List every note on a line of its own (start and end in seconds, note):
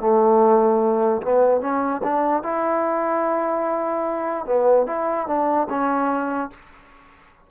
0.00 1.22 A3
1.22 1.61 B3
1.61 2.02 C#4
2.03 2.43 D4
2.43 4.46 E4
4.46 4.86 B3
4.86 5.27 E4
5.27 5.68 D4
5.69 6.50 C#4